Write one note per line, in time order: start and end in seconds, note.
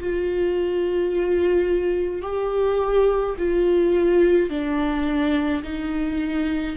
0.00 2.22 F4
2.22 3.36 G4
3.39 4.50 F4
4.50 5.63 D4
5.63 6.77 D#4